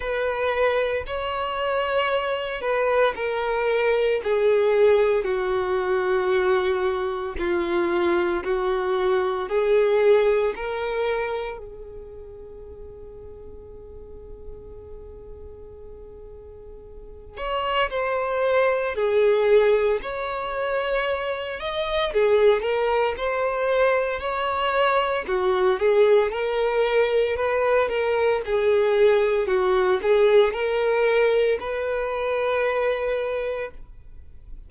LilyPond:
\new Staff \with { instrumentName = "violin" } { \time 4/4 \tempo 4 = 57 b'4 cis''4. b'8 ais'4 | gis'4 fis'2 f'4 | fis'4 gis'4 ais'4 gis'4~ | gis'1~ |
gis'8 cis''8 c''4 gis'4 cis''4~ | cis''8 dis''8 gis'8 ais'8 c''4 cis''4 | fis'8 gis'8 ais'4 b'8 ais'8 gis'4 | fis'8 gis'8 ais'4 b'2 | }